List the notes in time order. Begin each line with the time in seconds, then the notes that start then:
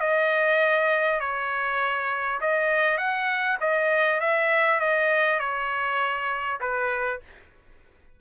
0.00 D#5
1.20 C#5
2.41 D#5
2.97 F#5
3.60 D#5
4.20 E5
4.80 D#5
5.39 C#5
6.60 B4